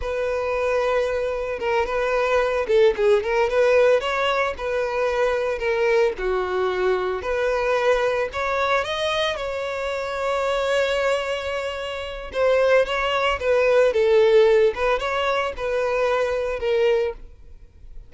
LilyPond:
\new Staff \with { instrumentName = "violin" } { \time 4/4 \tempo 4 = 112 b'2. ais'8 b'8~ | b'4 a'8 gis'8 ais'8 b'4 cis''8~ | cis''8 b'2 ais'4 fis'8~ | fis'4. b'2 cis''8~ |
cis''8 dis''4 cis''2~ cis''8~ | cis''2. c''4 | cis''4 b'4 a'4. b'8 | cis''4 b'2 ais'4 | }